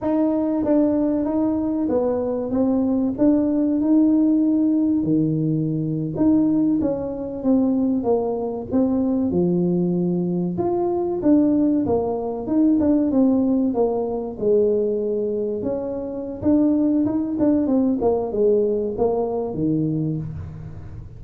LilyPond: \new Staff \with { instrumentName = "tuba" } { \time 4/4 \tempo 4 = 95 dis'4 d'4 dis'4 b4 | c'4 d'4 dis'2 | dis4.~ dis16 dis'4 cis'4 c'16~ | c'8. ais4 c'4 f4~ f16~ |
f8. f'4 d'4 ais4 dis'16~ | dis'16 d'8 c'4 ais4 gis4~ gis16~ | gis8. cis'4~ cis'16 d'4 dis'8 d'8 | c'8 ais8 gis4 ais4 dis4 | }